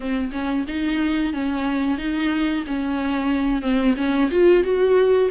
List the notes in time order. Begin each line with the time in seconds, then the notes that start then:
0.00 C4
0.32 C#4
0.67 D#4
1.33 C#4
1.98 D#4
2.66 C#4
3.61 C4
3.97 C#4
4.30 F4
4.63 F#4